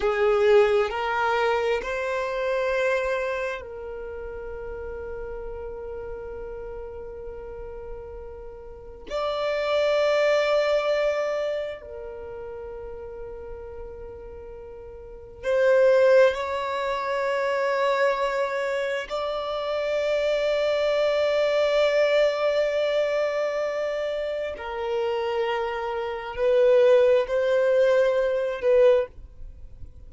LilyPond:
\new Staff \with { instrumentName = "violin" } { \time 4/4 \tempo 4 = 66 gis'4 ais'4 c''2 | ais'1~ | ais'2 d''2~ | d''4 ais'2.~ |
ais'4 c''4 cis''2~ | cis''4 d''2.~ | d''2. ais'4~ | ais'4 b'4 c''4. b'8 | }